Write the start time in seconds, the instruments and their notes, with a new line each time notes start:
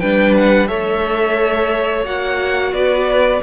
0.00 cello G3, viola D4, violin B4 G5
0.37 violin F#5
0.68 cello A3, viola A4, violin C#5 E5
2.04 cello A#3, viola F#4, violin F#5
2.72 cello B3, violin B4 D5